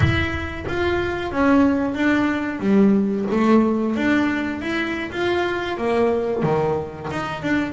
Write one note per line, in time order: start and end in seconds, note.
0.00 0.65 E4
0.67 1.31 F4
1.31 1.94 C#4
1.94 2.59 D4
2.59 3.25 G3
3.30 3.96 A3
3.96 4.61 D4
4.61 5.11 E4
5.11 5.77 F4
5.77 6.43 A#3
6.43 7.08 D#3
7.11 7.42 D#4
7.42 7.72 D4